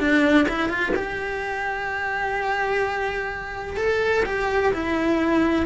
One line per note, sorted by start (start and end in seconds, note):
0.00 0.47 D4
0.49 0.69 E4
0.69 0.93 F4
0.96 3.77 G4
3.77 4.24 A4
4.26 4.73 G4
4.74 5.67 E4